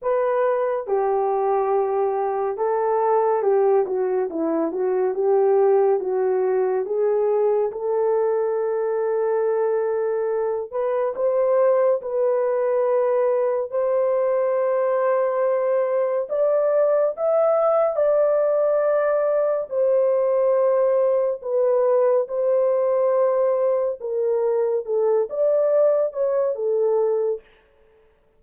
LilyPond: \new Staff \with { instrumentName = "horn" } { \time 4/4 \tempo 4 = 70 b'4 g'2 a'4 | g'8 fis'8 e'8 fis'8 g'4 fis'4 | gis'4 a'2.~ | a'8 b'8 c''4 b'2 |
c''2. d''4 | e''4 d''2 c''4~ | c''4 b'4 c''2 | ais'4 a'8 d''4 cis''8 a'4 | }